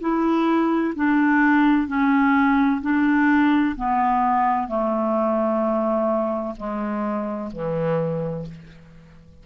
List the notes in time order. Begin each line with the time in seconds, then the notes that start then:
0.00 E4
0.95 D4
1.87 C#4
2.81 D4
3.76 B3
4.67 A3
6.56 G#3
7.52 E3